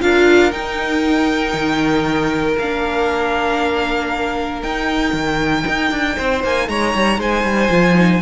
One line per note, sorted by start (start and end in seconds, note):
0.00 0.52 D4
0.00 0.51 F4
0.00 6.16 A#4
0.00 0.51 F5
0.51 1.53 D#4
0.51 2.57 D#4
0.51 2.57 G5
1.53 2.56 D#3
2.58 4.62 A#3
2.58 4.65 D4
2.58 4.62 F5
4.62 5.13 D#4
4.62 7.71 D#4
4.62 6.42 G5
5.13 5.64 D#3
5.67 5.91 D#4
5.91 6.17 D4
6.16 6.44 C4
6.16 6.67 C5
6.44 6.68 A#3
6.44 6.69 G#5
6.68 6.94 G#3
6.68 7.19 C#5
6.68 7.20 A#5
6.94 7.18 G3
7.18 7.43 G#3
7.18 8.21 C5
7.18 8.21 G#5
7.43 7.69 G3
7.70 8.21 F3
7.70 7.95 F4
7.95 8.20 D#4